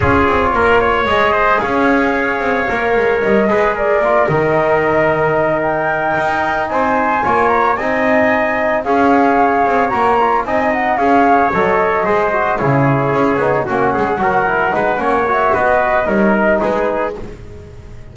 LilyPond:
<<
  \new Staff \with { instrumentName = "flute" } { \time 4/4 \tempo 4 = 112 cis''2 dis''4 f''4~ | f''2 dis''4 d''4 | dis''2~ dis''8 g''4.~ | g''8 gis''4. ais''8 gis''4.~ |
gis''8 f''2 ais''4 gis''8 | fis''8 f''4 dis''2 cis''8~ | cis''4. fis''2~ fis''8~ | fis''8 e''8 dis''4 cis''8 dis''8 b'4 | }
  \new Staff \with { instrumentName = "trumpet" } { \time 4/4 gis'4 ais'8 cis''4 c''8 cis''4~ | cis''2~ cis''8 b'8 ais'4~ | ais'1~ | ais'8 c''4 cis''4 dis''4.~ |
dis''8 cis''2. dis''8~ | dis''8 cis''2 c''4 gis'8~ | gis'4. fis'8 gis'8 ais'4 b'8 | cis''4 b'4 ais'4 gis'4 | }
  \new Staff \with { instrumentName = "trombone" } { \time 4/4 f'2 gis'2~ | gis'4 ais'4. gis'4 f'8 | dis'1~ | dis'4. f'4 dis'4.~ |
dis'8 gis'2 fis'8 f'8 dis'8~ | dis'8 gis'4 a'4 gis'8 fis'8 e'8~ | e'4 dis'8 cis'4 fis'8 e'8 dis'8 | cis'8 fis'4. dis'2 | }
  \new Staff \with { instrumentName = "double bass" } { \time 4/4 cis'8 c'8 ais4 gis4 cis'4~ | cis'8 c'8 ais8 gis8 g8 gis4 ais8 | dis2.~ dis8 dis'8~ | dis'8 c'4 ais4 c'4.~ |
c'8 cis'4. c'8 ais4 c'8~ | c'8 cis'4 fis4 gis4 cis8~ | cis8 cis'8 b8 ais8 gis8 fis4 gis8 | ais4 b4 g4 gis4 | }
>>